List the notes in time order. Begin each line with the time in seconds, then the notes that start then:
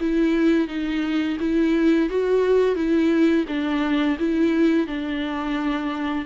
0.00 E4
0.68 D#4
1.40 E4
2.09 F#4
2.75 E4
3.48 D4
4.19 E4
4.87 D4